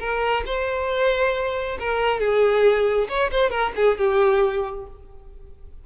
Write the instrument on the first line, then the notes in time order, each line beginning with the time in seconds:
violin
0.00 A#4
0.46 C5
1.79 A#4
2.20 G#4
3.09 C#5
3.31 C5
3.50 A#4
3.76 G#4
3.98 G4